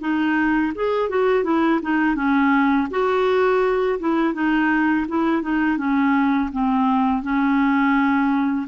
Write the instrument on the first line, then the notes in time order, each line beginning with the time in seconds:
clarinet
0.00 D#4
0.75 G#4
1.09 F#4
1.44 E4
1.82 D#4
2.15 C#4
2.90 F#4
3.99 E4
4.34 D#4
5.08 E4
5.42 D#4
5.77 C#4
6.52 C4
7.22 C#4